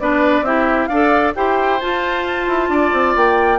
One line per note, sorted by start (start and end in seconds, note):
0.00 0.42 B3
0.00 0.45 D4
0.00 0.45 B4
0.00 0.45 D5
0.42 0.87 C4
0.42 0.90 E4
0.42 0.89 G4
0.42 0.87 E5
0.87 1.34 D4
0.87 1.35 A4
0.87 1.34 D5
0.87 1.32 F5
1.35 1.81 E4
1.35 1.80 G4
1.35 2.70 C5
1.35 1.80 G5
1.80 3.59 F4
1.80 2.47 F4
1.80 3.16 A5
2.47 2.69 E4
2.69 2.91 D4
2.69 3.59 D5
2.93 3.15 C4
3.16 3.59 A#3
3.16 3.59 G5